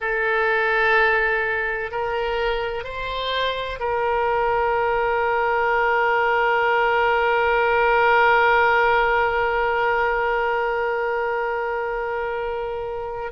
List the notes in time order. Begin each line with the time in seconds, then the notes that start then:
0.00 A4
1.91 A#4
2.84 C5
3.79 A#4